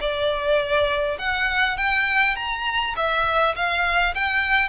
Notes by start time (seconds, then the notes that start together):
0.00 D5
1.18 F#5
1.77 G5
2.35 A#5
2.96 E5
3.55 F5
4.14 G5